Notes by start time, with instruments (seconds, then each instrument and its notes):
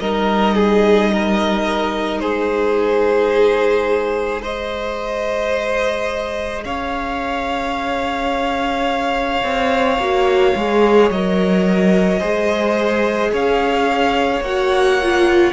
0.00 cello G3, viola D#4, violin A#4 D#5
0.55 violin G#4
1.13 violin A#4
2.20 cello G#3, violin G#4 C5
4.42 viola G#4, violin C5 D#5
6.65 cello C#4, violin C#5 F5
9.44 cello C4
9.98 cello A#3, viola F#4
10.56 cello G#3, viola G#4
11.10 cello F#3, viola A#4, violin D#5
12.20 cello G#3, viola G#4, violin C5
13.33 cello C#4, violin C#5 F5
14.41 cello A#3, viola F#4, violin F#5
15.03 viola F4